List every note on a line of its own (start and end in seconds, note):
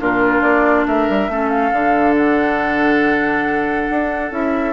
0.00 0.42 A#2
0.00 1.29 D4
0.00 0.87 F4
0.00 0.42 A#4
0.42 0.85 A#3
0.42 0.85 D5
0.87 1.08 A3
0.87 1.31 A#4
0.87 1.49 E5
1.09 1.28 G3
1.28 1.71 A3
1.28 1.73 C#4
1.28 4.73 A4
1.49 2.14 F5
1.72 3.88 D3
1.72 4.31 D4
2.17 4.33 F#5
3.89 4.31 D4
4.31 4.73 C#4
4.31 4.73 E4
4.31 4.73 E5